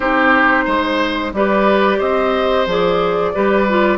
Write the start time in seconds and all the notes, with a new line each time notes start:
0.00 C4 D#4 G4 C5
0.64 G#3 C5
1.32 G3 G4 B4 D5
1.98 C4 C5 D#5
2.66 F3 G#4 D5
3.34 G3 G4 B4
3.68 F4